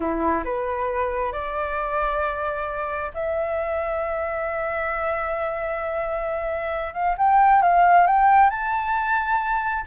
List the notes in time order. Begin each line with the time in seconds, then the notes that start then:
0.00 E4
0.44 B4
1.32 D5
3.13 E5
6.93 F5
7.17 G5
7.62 F5
8.07 G5
8.50 A5